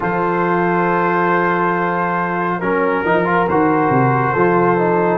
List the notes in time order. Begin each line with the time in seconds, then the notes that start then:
0.00 F3 F4 A4 C5
2.59 F#3 C#4 A#4
3.04 F3 D#4
3.24 F4
3.48 D#3 F#4 C5
3.89 C3
4.33 F3 F4 A4
4.78 D#4